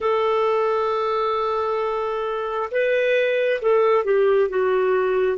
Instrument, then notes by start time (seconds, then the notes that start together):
clarinet
0.00 A4
2.71 B4
3.61 A4
4.04 G4
4.49 F#4